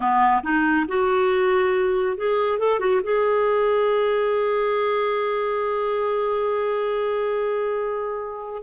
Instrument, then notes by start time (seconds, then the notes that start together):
clarinet
0.00 B3
0.43 D#4
0.88 F#4
2.17 G#4
2.58 A4
2.79 F#4
3.03 G#4